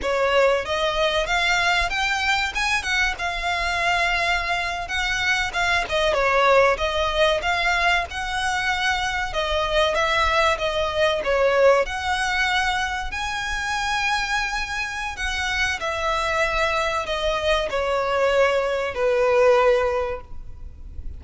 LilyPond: \new Staff \with { instrumentName = "violin" } { \time 4/4 \tempo 4 = 95 cis''4 dis''4 f''4 g''4 | gis''8 fis''8 f''2~ f''8. fis''16~ | fis''8. f''8 dis''8 cis''4 dis''4 f''16~ | f''8. fis''2 dis''4 e''16~ |
e''8. dis''4 cis''4 fis''4~ fis''16~ | fis''8. gis''2.~ gis''16 | fis''4 e''2 dis''4 | cis''2 b'2 | }